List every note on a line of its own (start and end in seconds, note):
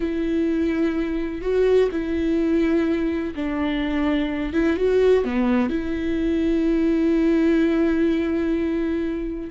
0.00 1.41 E4
1.41 1.89 F#4
1.91 3.34 E4
3.35 4.53 D4
4.53 4.76 E4
4.76 5.24 F#4
5.24 5.69 B3
5.69 9.50 E4